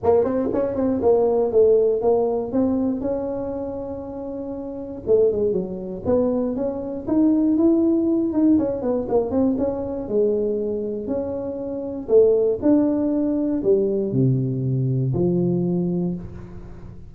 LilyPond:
\new Staff \with { instrumentName = "tuba" } { \time 4/4 \tempo 4 = 119 ais8 c'8 cis'8 c'8 ais4 a4 | ais4 c'4 cis'2~ | cis'2 a8 gis8 fis4 | b4 cis'4 dis'4 e'4~ |
e'8 dis'8 cis'8 b8 ais8 c'8 cis'4 | gis2 cis'2 | a4 d'2 g4 | c2 f2 | }